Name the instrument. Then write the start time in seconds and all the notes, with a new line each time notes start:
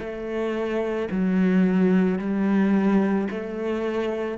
cello
0.00 A3
1.12 F#3
2.19 G3
3.31 A3